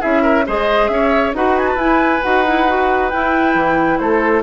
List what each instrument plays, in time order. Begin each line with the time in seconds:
0.00 bassoon C#4, clarinet E4, oboe G#4, flute E5
0.22 oboe A#4
0.46 bassoon G#3, clarinet G#4, oboe C5, flute D#5
0.88 bassoon C#4, oboe C#5, flute E5
1.33 bassoon D#4, clarinet F#4, oboe B4, flute F#5
1.58 flute G#5
1.68 flute A5
1.76 bassoon E4, clarinet E4, flute G#5
2.22 bassoon D#4, clarinet F#4, flute F#5
2.46 clarinet E4
2.67 clarinet F#4
3.10 clarinet E4, bassoon E4, flute G5
3.55 bassoon E3
3.98 bassoon A3, oboe A4, flute C5